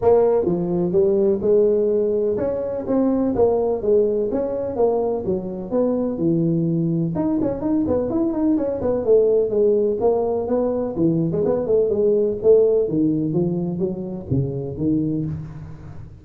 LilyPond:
\new Staff \with { instrumentName = "tuba" } { \time 4/4 \tempo 4 = 126 ais4 f4 g4 gis4~ | gis4 cis'4 c'4 ais4 | gis4 cis'4 ais4 fis4 | b4 e2 dis'8 cis'8 |
dis'8 b8 e'8 dis'8 cis'8 b8 a4 | gis4 ais4 b4 e8. gis16 | b8 a8 gis4 a4 dis4 | f4 fis4 cis4 dis4 | }